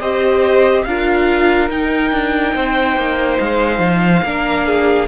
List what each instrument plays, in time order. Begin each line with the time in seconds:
0.00 cello C4, viola G4, violin C5 D#5
0.84 cello D4, viola F4, violin A#4 F5
1.70 cello D#4, viola D#4, violin G5
2.11 cello D4
2.55 cello C4, violin C5
2.96 cello A#3
3.39 cello G#3, violin F5
3.79 cello F3
4.23 cello A#3, viola D4, violin A#4
4.67 violin G#4